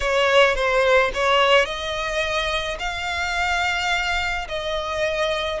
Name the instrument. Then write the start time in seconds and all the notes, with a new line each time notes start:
violin
0.00 C#5
0.55 C5
1.14 C#5
1.65 D#5
2.79 F5
4.48 D#5